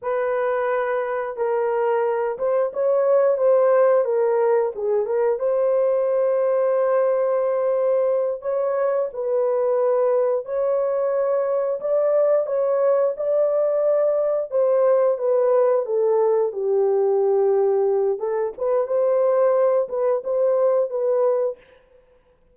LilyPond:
\new Staff \with { instrumentName = "horn" } { \time 4/4 \tempo 4 = 89 b'2 ais'4. c''8 | cis''4 c''4 ais'4 gis'8 ais'8 | c''1~ | c''8 cis''4 b'2 cis''8~ |
cis''4. d''4 cis''4 d''8~ | d''4. c''4 b'4 a'8~ | a'8 g'2~ g'8 a'8 b'8 | c''4. b'8 c''4 b'4 | }